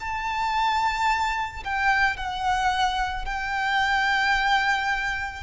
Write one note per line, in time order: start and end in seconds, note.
0.00 1.64 A5
1.64 2.16 G5
2.16 3.25 F#5
3.25 5.43 G5